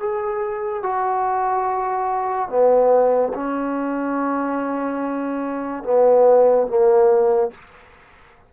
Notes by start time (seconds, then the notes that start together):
0.00 G#4
0.83 F#4
2.49 B3
3.34 C#4
5.84 B3
6.68 A#3